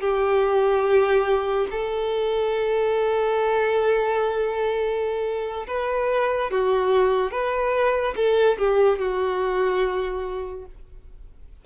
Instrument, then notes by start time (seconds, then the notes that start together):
violin
0.00 G4
1.70 A4
5.67 B4
6.50 F#4
7.31 B4
8.16 A4
8.58 G4
8.98 F#4